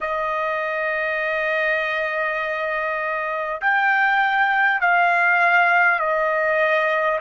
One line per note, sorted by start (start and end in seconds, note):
0.00 3.60 D#5
3.61 4.81 G5
4.81 5.99 F5
5.99 7.19 D#5